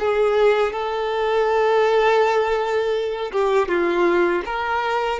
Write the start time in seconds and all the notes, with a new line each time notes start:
0.00 G#4
0.73 A4
3.33 G4
3.69 F4
4.46 A#4